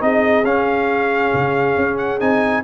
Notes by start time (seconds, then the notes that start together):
0.00 C4 D#4 G#4 D#5
0.44 C#4 F5
1.33 C#3
1.77 C#4
1.97 F#5
2.19 C4 D#4 G#5